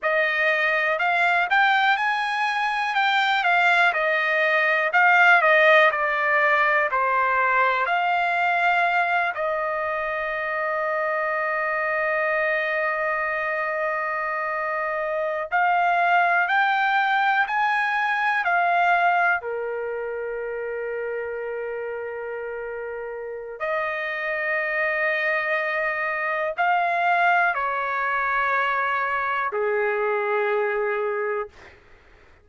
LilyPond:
\new Staff \with { instrumentName = "trumpet" } { \time 4/4 \tempo 4 = 61 dis''4 f''8 g''8 gis''4 g''8 f''8 | dis''4 f''8 dis''8 d''4 c''4 | f''4. dis''2~ dis''8~ | dis''2.~ dis''8. f''16~ |
f''8. g''4 gis''4 f''4 ais'16~ | ais'1 | dis''2. f''4 | cis''2 gis'2 | }